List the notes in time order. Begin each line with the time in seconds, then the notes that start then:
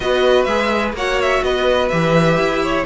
0.00 B3 F#4 B4 D#5
0.44 G#3 G#4 E5
0.93 A#3 F#4 C#5 F#5
1.21 E5
1.42 B3 B4 D#5
1.88 E3 G4 E5
2.38 E4
2.62 C#5